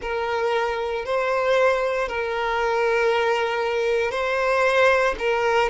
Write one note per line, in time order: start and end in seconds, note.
0.01 1.05 A#4
1.05 2.08 C5
2.08 4.11 A#4
4.11 5.14 C5
5.18 5.69 A#4